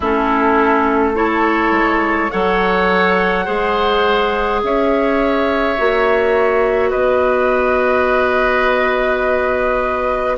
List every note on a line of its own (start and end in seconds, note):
0.00 1.71 A3
0.00 1.14 C#4
0.00 1.11 E4
0.00 1.15 A4
1.14 2.29 E4
1.14 2.31 A4
1.14 2.31 C#5
1.71 2.28 G#3
2.31 3.47 F#3
2.31 3.45 A4
2.31 3.45 C#5
2.31 4.61 F#5
3.45 4.62 G#3
3.45 5.76 G#4
3.45 4.60 C5
4.62 5.78 C#4
4.62 6.89 C#5
4.62 6.90 E5
5.77 6.92 A#3
5.77 10.37 F#4
6.89 10.37 B3
6.89 10.36 B4
6.89 10.36 D#5